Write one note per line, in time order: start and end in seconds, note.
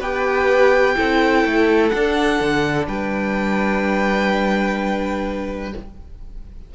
0.00 0.95 B3
0.00 0.97 G4
0.00 0.95 B4
0.00 1.89 G5
0.97 1.45 C4
0.97 1.92 E4
0.97 2.87 A4
1.45 1.92 A3
1.89 2.41 D4
1.89 5.75 D4
1.89 2.85 F#5
2.41 2.88 D3
2.88 5.74 G3
2.88 5.74 B4
2.88 5.74 G5